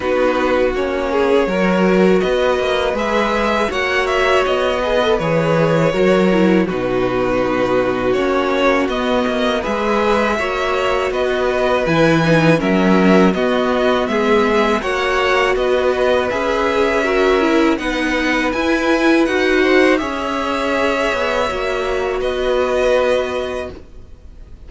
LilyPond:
<<
  \new Staff \with { instrumentName = "violin" } { \time 4/4 \tempo 4 = 81 b'4 cis''2 dis''4 | e''4 fis''8 e''8 dis''4 cis''4~ | cis''4 b'2 cis''4 | dis''4 e''2 dis''4 |
gis''4 e''4 dis''4 e''4 | fis''4 dis''4 e''2 | fis''4 gis''4 fis''4 e''4~ | e''2 dis''2 | }
  \new Staff \with { instrumentName = "violin" } { \time 4/4 fis'4. gis'8 ais'4 b'4~ | b'4 cis''4. b'4. | ais'4 fis'2.~ | fis'4 b'4 cis''4 b'4~ |
b'4 ais'4 fis'4 gis'4 | cis''4 b'2 ais'4 | b'2~ b'8 c''8 cis''4~ | cis''2 b'2 | }
  \new Staff \with { instrumentName = "viola" } { \time 4/4 dis'4 cis'4 fis'2 | gis'4 fis'4. gis'16 a'16 gis'4 | fis'8 e'8 dis'2 cis'4 | b4 gis'4 fis'2 |
e'8 dis'8 cis'4 b2 | fis'2 gis'4 fis'8 e'8 | dis'4 e'4 fis'4 gis'4~ | gis'4 fis'2. | }
  \new Staff \with { instrumentName = "cello" } { \time 4/4 b4 ais4 fis4 b8 ais8 | gis4 ais4 b4 e4 | fis4 b,2 ais4 | b8 ais8 gis4 ais4 b4 |
e4 fis4 b4 gis4 | ais4 b4 cis'2 | b4 e'4 dis'4 cis'4~ | cis'8 b8 ais4 b2 | }
>>